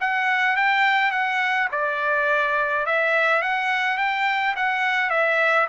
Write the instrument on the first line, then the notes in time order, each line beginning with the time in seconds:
trumpet
0.00 F#5
0.56 G5
1.11 F#5
1.71 D5
2.86 E5
3.42 F#5
3.97 G5
4.56 F#5
5.10 E5